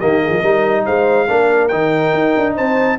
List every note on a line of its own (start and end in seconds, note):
0.00 0.29 D#3
0.00 0.44 A#3
0.00 0.21 G4
0.00 0.85 D#5
0.22 0.39 G#4
0.29 0.40 F3
0.39 0.85 G3
0.39 1.27 D#4
0.39 0.82 A#4
0.85 1.29 G#3
0.85 1.27 C5
0.85 1.68 F5
1.27 1.73 A#3
1.27 1.70 D4
1.27 2.55 A#4
1.68 2.13 D#3
1.68 2.99 D#4
1.68 2.53 G5
2.13 2.34 D#4
2.37 2.58 D4
2.55 2.99 C4
2.55 2.97 C5
2.55 2.99 A5